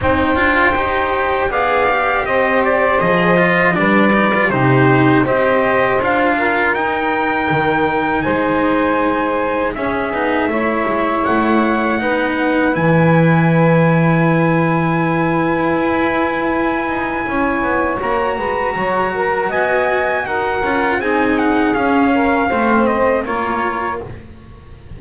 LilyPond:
<<
  \new Staff \with { instrumentName = "trumpet" } { \time 4/4 \tempo 4 = 80 g''2 f''4 dis''8 d''8 | dis''4 d''4 c''4 dis''4 | f''4 g''2 gis''4~ | gis''4 e''2 fis''4~ |
fis''4 gis''2.~ | gis''1 | ais''2 gis''4 fis''4 | gis''8 fis''8 f''4. dis''8 cis''4 | }
  \new Staff \with { instrumentName = "saxophone" } { \time 4/4 c''2 d''4 c''4~ | c''4 b'4 g'4 c''4~ | c''8 ais'2~ ais'8 c''4~ | c''4 gis'4 cis''2 |
b'1~ | b'2. cis''4~ | cis''8 b'8 cis''8 ais'8 dis''4 ais'4 | gis'4. ais'8 c''4 ais'4 | }
  \new Staff \with { instrumentName = "cello" } { \time 4/4 dis'8 f'8 g'4 gis'8 g'4. | gis'8 f'8 d'8 dis'16 f'16 dis'4 g'4 | f'4 dis'2.~ | dis'4 cis'8 dis'8 e'2 |
dis'4 e'2.~ | e'1 | fis'2.~ fis'8 f'8 | dis'4 cis'4 c'4 f'4 | }
  \new Staff \with { instrumentName = "double bass" } { \time 4/4 c'8 d'8 dis'4 b4 c'4 | f4 g4 c4 c'4 | d'4 dis'4 dis4 gis4~ | gis4 cis'8 b8 a8 gis8 a4 |
b4 e2.~ | e4 e'4. dis'8 cis'8 b8 | ais8 gis8 fis4 b4 dis'8 cis'8 | c'4 cis'4 a4 ais4 | }
>>